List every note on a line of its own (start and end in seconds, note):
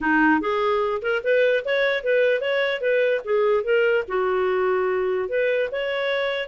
0.00 0.40 D#4
0.40 1.01 G#4
1.02 1.22 A#4
1.23 1.64 B4
1.64 2.03 C#5
2.03 2.40 B4
2.40 2.80 C#5
2.80 3.21 B4
3.24 3.63 G#4
3.63 4.04 A#4
4.07 5.28 F#4
5.28 5.69 B4
5.71 6.48 C#5